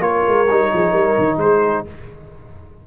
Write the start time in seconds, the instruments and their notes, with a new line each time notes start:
0.00 tuba A#3, trombone F4, horn A#4, trumpet C#5
0.28 tuba G#3
0.48 tuba G3, trombone D#4
0.73 tuba F3, horn G#4
0.90 tuba G3, horn A#4
1.18 tuba D#3
1.37 tuba G#3, horn G#4, trumpet C5